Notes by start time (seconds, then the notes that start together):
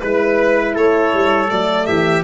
0.00 G#3 E4 B4
0.75 A3 A4 C#5
1.14 G3
1.48 F#3 A3 D5
1.86 E3 G4 E5